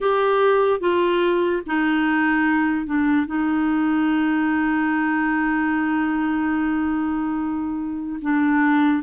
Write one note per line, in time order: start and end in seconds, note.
0.00 0.80 G4
0.80 1.62 F4
1.66 2.85 D#4
2.85 3.26 D4
3.26 8.19 D#4
8.21 9.03 D4